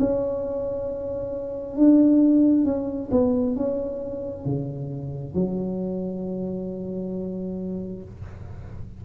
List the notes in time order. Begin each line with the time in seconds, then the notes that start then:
0.00 C#4
1.77 D4
2.65 C#4
3.11 B3
3.56 C#4
4.46 C#3
5.34 F#3